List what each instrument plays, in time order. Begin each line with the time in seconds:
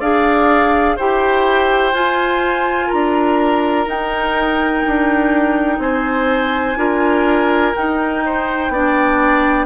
0.00 bassoon D4, clarinet G#4, oboe D5, flute F5
0.96 bassoon E4, clarinet G4, oboe C5, flute G5
1.93 clarinet F4, bassoon F4, flute G#5
2.87 bassoon D4, oboe A#4, flute A#5
3.87 bassoon D#4, clarinet D#4, flute G5
4.87 bassoon D4
5.79 bassoon C4, oboe C5, flute G#5
6.76 bassoon D4, clarinet F4, oboe A#4
7.75 clarinet D#4, bassoon D#4, flute G5
8.26 oboe C5
8.69 bassoon B3, clarinet D4, oboe D5